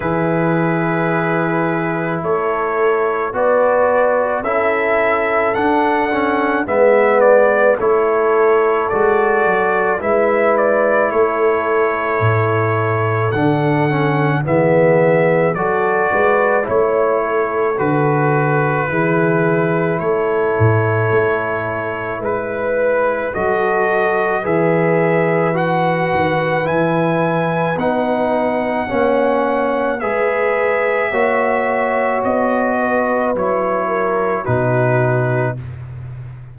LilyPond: <<
  \new Staff \with { instrumentName = "trumpet" } { \time 4/4 \tempo 4 = 54 b'2 cis''4 d''4 | e''4 fis''4 e''8 d''8 cis''4 | d''4 e''8 d''8 cis''2 | fis''4 e''4 d''4 cis''4 |
b'2 cis''2 | b'4 dis''4 e''4 fis''4 | gis''4 fis''2 e''4~ | e''4 dis''4 cis''4 b'4 | }
  \new Staff \with { instrumentName = "horn" } { \time 4/4 gis'2 a'4 b'4 | a'2 b'4 a'4~ | a'4 b'4 a'2~ | a'4 gis'4 a'8 b'8 cis''8 a'8~ |
a'4 gis'4 a'2 | b'4 a'4 b'2~ | b'2 cis''4 b'4 | cis''4. b'4 ais'8 fis'4 | }
  \new Staff \with { instrumentName = "trombone" } { \time 4/4 e'2. fis'4 | e'4 d'8 cis'8 b4 e'4 | fis'4 e'2. | d'8 cis'8 b4 fis'4 e'4 |
fis'4 e'2.~ | e'4 fis'4 gis'4 fis'4 | e'4 dis'4 cis'4 gis'4 | fis'2 e'4 dis'4 | }
  \new Staff \with { instrumentName = "tuba" } { \time 4/4 e2 a4 b4 | cis'4 d'4 gis4 a4 | gis8 fis8 gis4 a4 a,4 | d4 e4 fis8 gis8 a4 |
d4 e4 a8 a,8 a4 | gis4 fis4 e4. dis8 | e4 b4 ais4 gis4 | ais4 b4 fis4 b,4 | }
>>